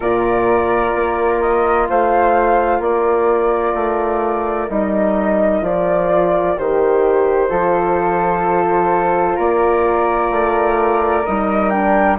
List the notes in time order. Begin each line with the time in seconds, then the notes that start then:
0.00 A#2 F4 A#4 D5
0.95 A#3
1.40 D#5
1.89 A3 C5 F5
2.79 A#3 A#4 D5
3.74 A3
4.68 G3 D#4 D#5
5.62 F3 F4 D5
6.57 D#3 G4 C5
7.49 F3 F4 A4
9.36 A#3 A#4 D5
10.30 A3
11.25 G3 D#4 D#5
11.70 D4 G5